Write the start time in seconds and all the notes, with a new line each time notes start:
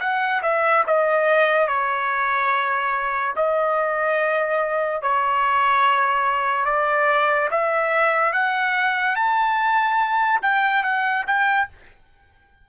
0.00 F#5
0.42 E5
0.87 D#5
1.67 C#5
3.36 D#5
5.02 C#5
6.65 D5
7.51 E5
8.33 F#5
9.16 A5
10.42 G5
10.83 F#5
11.27 G5